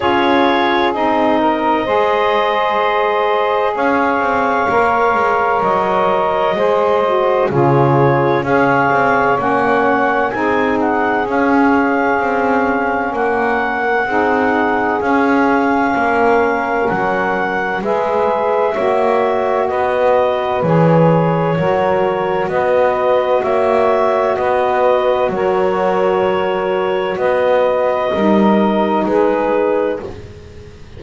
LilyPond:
<<
  \new Staff \with { instrumentName = "clarinet" } { \time 4/4 \tempo 4 = 64 cis''4 dis''2. | f''2 dis''2 | cis''4 f''4 fis''4 gis''8 fis''8 | f''2 fis''2 |
f''2 fis''4 e''4~ | e''4 dis''4 cis''2 | dis''4 e''4 dis''4 cis''4~ | cis''4 dis''2 b'4 | }
  \new Staff \with { instrumentName = "saxophone" } { \time 4/4 gis'4. ais'8 c''2 | cis''2. c''4 | gis'4 cis''2 gis'4~ | gis'2 ais'4 gis'4~ |
gis'4 ais'2 b'4 | cis''4 b'2 ais'4 | b'4 cis''4 b'4 ais'4~ | ais'4 b'4 ais'4 gis'4 | }
  \new Staff \with { instrumentName = "saxophone" } { \time 4/4 f'4 dis'4 gis'2~ | gis'4 ais'2 gis'8 fis'8 | f'4 gis'4 cis'4 dis'4 | cis'2. dis'4 |
cis'2. gis'4 | fis'2 gis'4 fis'4~ | fis'1~ | fis'2 dis'2 | }
  \new Staff \with { instrumentName = "double bass" } { \time 4/4 cis'4 c'4 gis2 | cis'8 c'8 ais8 gis8 fis4 gis4 | cis4 cis'8 c'8 ais4 c'4 | cis'4 c'4 ais4 c'4 |
cis'4 ais4 fis4 gis4 | ais4 b4 e4 fis4 | b4 ais4 b4 fis4~ | fis4 b4 g4 gis4 | }
>>